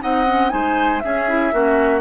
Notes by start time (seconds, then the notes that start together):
0.00 C4 D#4 D#5 F#5
0.26 C#4
0.49 G#3 D#4 C5 G#5
0.99 C#4 G#4 E5
1.29 E4
1.51 A#3 C#4 F#4